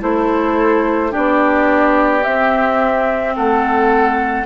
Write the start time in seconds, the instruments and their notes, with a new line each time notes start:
0.00 bassoon A3, clarinet E4, oboe A4, flute C5
1.11 clarinet D4, oboe G4, flute D5
1.17 bassoon B3
2.24 bassoon C4, clarinet C4, flute E5
3.36 bassoon A3, oboe A4, flute F#5